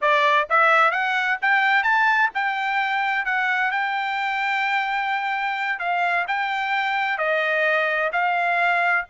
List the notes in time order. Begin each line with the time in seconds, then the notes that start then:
0.01 D5
0.49 E5
0.91 F#5
1.41 G5
1.83 A5
2.34 G5
3.25 F#5
3.71 G5
5.79 F5
6.27 G5
7.18 D#5
8.12 F5